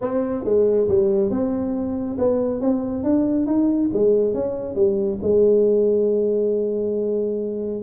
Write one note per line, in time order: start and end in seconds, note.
0.01 0.44 C4
0.44 0.88 G#3
0.88 1.30 G3
1.30 2.17 C4
2.18 2.60 B3
2.60 3.03 C4
3.03 3.46 D4
3.46 3.90 D#4
3.93 4.34 G#3
4.34 4.75 C#4
4.75 5.18 G3
5.22 7.82 G#3